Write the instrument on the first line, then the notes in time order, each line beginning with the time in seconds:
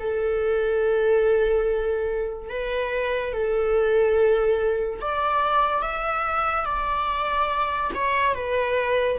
viola
0.00 A4
2.50 B4
3.33 A4
5.01 D5
5.82 E5
6.66 D5
7.94 C#5
8.35 B4